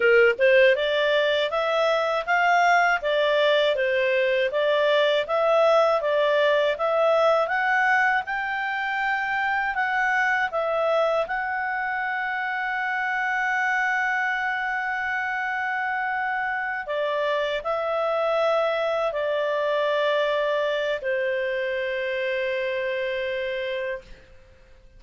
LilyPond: \new Staff \with { instrumentName = "clarinet" } { \time 4/4 \tempo 4 = 80 ais'8 c''8 d''4 e''4 f''4 | d''4 c''4 d''4 e''4 | d''4 e''4 fis''4 g''4~ | g''4 fis''4 e''4 fis''4~ |
fis''1~ | fis''2~ fis''8 d''4 e''8~ | e''4. d''2~ d''8 | c''1 | }